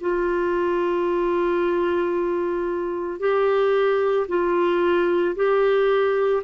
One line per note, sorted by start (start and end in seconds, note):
0.00 3.19 F4
3.19 4.27 G4
4.28 5.35 F4
5.36 6.43 G4